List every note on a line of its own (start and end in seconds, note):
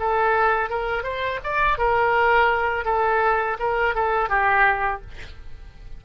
0.00 0.70 A4
0.70 1.04 A#4
1.04 1.40 C5
1.44 1.79 D5
1.79 2.85 A#4
2.85 3.58 A4
3.59 3.95 A#4
3.95 4.29 A4
4.29 5.02 G4